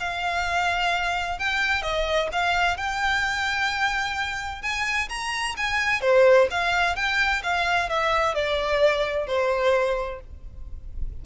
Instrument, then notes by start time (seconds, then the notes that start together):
violin
0.00 F5
1.39 G5
1.82 D#5
2.32 F5
2.77 G5
4.62 G#5
5.09 A#5
5.57 G#5
6.01 C5
6.51 F5
6.96 G5
7.43 F5
7.90 E5
8.35 D5
9.27 C5